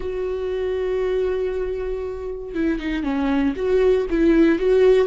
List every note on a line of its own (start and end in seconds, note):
0.00 2.54 F#4
2.54 2.79 E4
2.79 3.03 D#4
3.03 3.54 C#4
3.55 4.06 F#4
4.10 4.58 E4
4.58 5.07 F#4